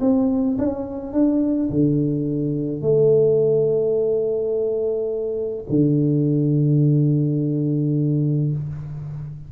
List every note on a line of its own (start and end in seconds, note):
0.00 0.57 C4
0.58 1.12 C#4
1.12 1.69 D4
1.70 2.81 D3
2.81 5.64 A3
5.69 8.52 D3